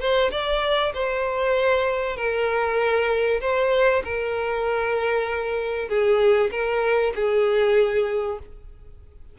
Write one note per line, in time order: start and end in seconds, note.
0.00 0.31 C5
0.31 0.93 D5
0.94 2.17 C5
2.17 3.40 A#4
3.41 4.03 C5
4.04 5.89 A#4
5.89 6.51 G#4
6.51 7.13 A#4
7.15 8.39 G#4